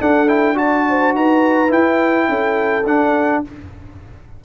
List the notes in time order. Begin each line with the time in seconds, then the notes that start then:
0.00 D4 A4 F#5
0.28 E4 G5
0.55 F#4 D5 A5
0.90 C5
1.15 D#4 B4 A#5
1.69 E4 G5
2.28 C#4 A4
2.86 D4 F#5